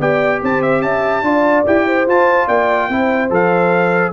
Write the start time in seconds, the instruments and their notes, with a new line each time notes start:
0.00 tuba B3, trombone G4, horn D5, trumpet G5
0.43 tuba C4, horn C5, trumpet A5
0.63 trumpet E5
0.82 tuba C#4, horn E5, trumpet A5
1.23 tuba D4, trombone F4, horn D5
1.66 tuba E4, trombone G4, trumpet G5
1.87 horn C5
2.07 tuba F4, trombone F4, trumpet A5
2.47 tuba A#3, horn D5, trumpet G5
2.89 tuba C4, trombone E4, horn C5
3.30 tuba F3, trombone A4, trumpet F5